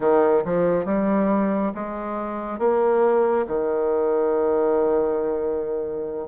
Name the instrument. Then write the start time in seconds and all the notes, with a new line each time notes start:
bassoon
0.00 D#3
0.45 F3
0.85 G3
1.74 G#3
2.58 A#3
3.47 D#3